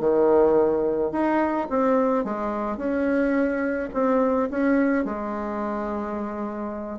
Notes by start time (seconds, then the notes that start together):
0.00 D#3
1.12 D#4
1.70 C4
2.25 G#3
2.78 C#4
3.94 C4
4.51 C#4
5.05 G#3